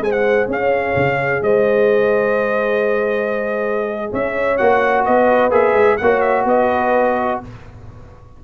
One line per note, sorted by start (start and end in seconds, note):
0.00 0.47 G#3
0.00 4.58 G#4
0.00 0.50 C5
0.00 0.12 G#5
0.12 0.47 F#5
0.48 0.95 C#4
0.48 1.43 C#5
0.48 1.43 F5
0.96 1.42 C#3
1.42 4.12 G#3
1.42 4.12 C5
1.42 4.12 D#5
4.12 4.60 C#4
4.12 5.05 C#5
4.12 4.57 E5
4.57 5.07 A#3
4.57 5.51 F#4
4.57 5.04 F#5
5.05 5.50 B3
5.05 5.99 B4
5.05 5.52 D#5
5.50 5.74 A#3
5.50 5.98 G#4
5.50 5.97 E5
5.74 5.97 G#3
5.97 6.45 A#3
5.97 6.46 C#5
5.97 6.21 F#5
6.03 7.44 F#4
6.21 6.44 E5
6.45 7.38 B3
6.45 7.40 B4
6.45 7.42 D#5